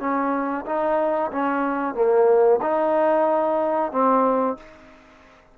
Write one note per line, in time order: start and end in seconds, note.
0.00 0.65 C#4
0.66 1.31 D#4
1.32 1.95 C#4
1.95 2.60 A#3
2.62 3.92 D#4
3.92 4.57 C4